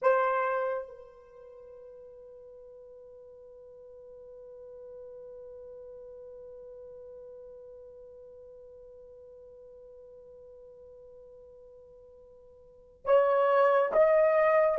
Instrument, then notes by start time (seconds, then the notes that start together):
horn
0.02 C5
0.87 B4
13.05 C#5
13.92 D#5